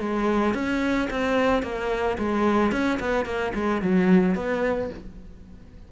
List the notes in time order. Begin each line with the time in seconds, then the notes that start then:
0.00 G#3
0.55 C#4
1.10 C4
1.63 A#3
2.18 G#3
2.72 C#4
3.00 B3
3.26 A#3
3.55 G#3
3.82 F#3
4.35 B3